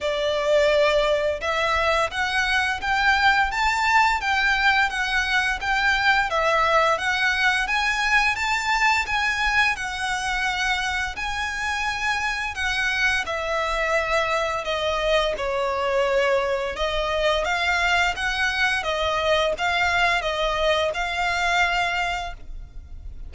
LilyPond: \new Staff \with { instrumentName = "violin" } { \time 4/4 \tempo 4 = 86 d''2 e''4 fis''4 | g''4 a''4 g''4 fis''4 | g''4 e''4 fis''4 gis''4 | a''4 gis''4 fis''2 |
gis''2 fis''4 e''4~ | e''4 dis''4 cis''2 | dis''4 f''4 fis''4 dis''4 | f''4 dis''4 f''2 | }